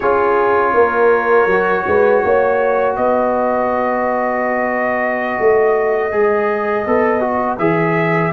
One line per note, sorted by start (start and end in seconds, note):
0.00 0.74 C#4
0.00 1.50 F4
0.00 0.73 G#4
0.00 2.95 C#5
0.74 1.46 A#3
0.74 1.85 A#4
1.46 1.83 F#3
1.46 6.11 F#4
1.86 2.23 G#3
1.86 2.25 B4
2.24 2.97 A#3
2.24 2.98 C#5
2.96 5.37 B3
2.96 8.32 B4
2.96 7.58 D#5
5.39 6.13 A3
6.11 6.86 G#3
6.11 6.85 G#4
6.86 7.58 B3
6.86 7.20 A4
7.20 7.57 F#4
7.58 8.32 E3
7.58 8.32 G#4
7.58 8.32 E5